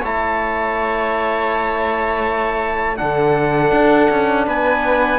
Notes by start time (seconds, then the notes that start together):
0.00 A3 E4 C#5 A5
2.97 D3 D4 A4 F#5
3.72 D4
4.10 C#4
4.46 B3 B4 G#5